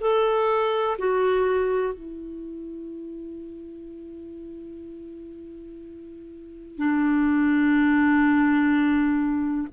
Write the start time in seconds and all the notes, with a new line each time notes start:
0.00 A4
0.98 F#4
1.93 E4
6.77 D4